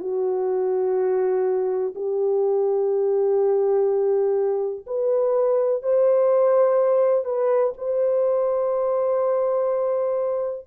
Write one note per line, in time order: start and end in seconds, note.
0.00 1.94 F#4
1.95 4.86 G4
4.87 5.83 B4
5.83 7.24 C5
7.24 7.73 B4
7.77 10.67 C5